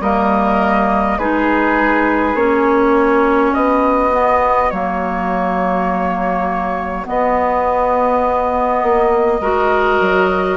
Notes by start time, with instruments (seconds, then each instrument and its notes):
0.00 bassoon G3, clarinet A#3, oboe A#4, flute D#5
1.18 bassoon G#3, clarinet D#4, oboe G#4, flute B4
2.34 bassoon A#3, clarinet C#4, flute C#5
2.94 oboe F#4
3.54 bassoon B3, flute D#5
4.12 clarinet B3
4.70 bassoon F#3, clarinet A#3, flute C#5
7.04 clarinet B3, bassoon B3, flute D#5
8.82 bassoon A#3
9.40 bassoon G#3, clarinet F#4, oboe A#4
10.00 bassoon F#3